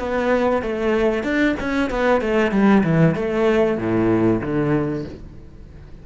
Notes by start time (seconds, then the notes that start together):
0.00 B3
0.63 A3
1.24 D4
1.60 C#4
1.91 B3
2.22 A3
2.52 G3
2.84 E3
3.16 A3
3.78 A2
4.42 D3